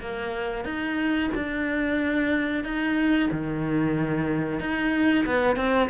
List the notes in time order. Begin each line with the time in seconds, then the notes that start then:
0.00 A#3
0.64 D#4
1.35 D4
2.64 D#4
3.31 D#3
4.59 D#4
5.26 B3
5.56 C4